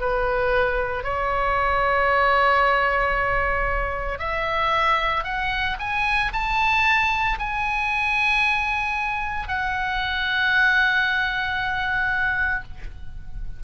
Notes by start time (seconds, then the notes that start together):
0.00 B4
1.04 C#5
4.19 E5
5.24 F#5
5.79 G#5
6.33 A5
7.39 G#5
9.48 F#5